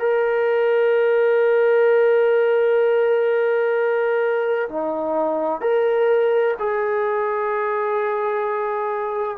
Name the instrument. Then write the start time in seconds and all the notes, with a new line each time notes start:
trombone
0.00 A#4
4.70 D#4
5.62 A#4
6.59 G#4